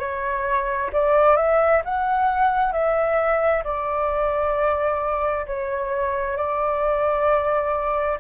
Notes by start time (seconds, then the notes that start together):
0.00 C#5
0.93 D5
1.37 E5
1.85 F#5
2.73 E5
3.64 D5
5.46 C#5
6.37 D5